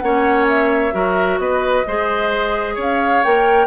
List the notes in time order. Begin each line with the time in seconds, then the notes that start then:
0.00 A#3 C#4 C#5 F#5
0.49 E5
0.92 F#3 F#4 A#4
1.39 B3 B4 D#5
1.87 G#3 G#4 C5
2.75 C#4 C#5
2.82 F5
3.24 A#3 A#4 G5